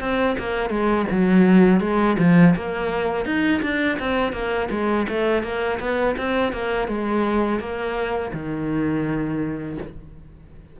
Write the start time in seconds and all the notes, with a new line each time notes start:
0.00 C4
0.38 A#3
0.70 G#3
1.11 F#3
1.80 G#3
2.19 F3
2.56 A#3
3.25 D#4
3.62 D4
3.99 C4
4.32 A#3
4.70 G#3
5.08 A3
5.43 A#3
5.80 B3
6.17 C4
6.53 A#3
6.87 G#3
7.60 A#3
8.33 D#3